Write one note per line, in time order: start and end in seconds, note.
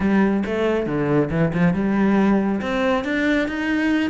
0.00 0.43 G3
0.45 0.86 A3
0.86 1.29 D3
1.30 1.52 E3
1.53 1.73 F3
1.73 2.60 G3
2.61 3.04 C4
3.04 3.48 D4
3.48 4.10 D#4